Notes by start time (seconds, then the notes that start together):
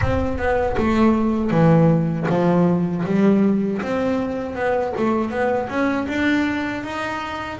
0.01 C4
0.38 B3
0.77 A3
1.50 E3
2.29 F3
3.05 G3
3.82 C4
4.55 B3
4.97 A3
5.30 B3
5.69 C#4
6.08 D4
6.84 D#4